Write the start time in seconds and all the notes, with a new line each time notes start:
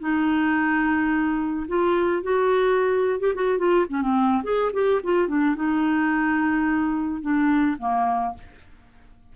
0.00 D#4
1.68 F4
2.23 F#4
3.20 G4
3.35 F#4
3.58 F4
3.89 C#4
4.02 C4
4.44 G#4
4.73 G4
5.04 F4
5.28 D4
5.56 D#4
7.22 D4
7.79 A#3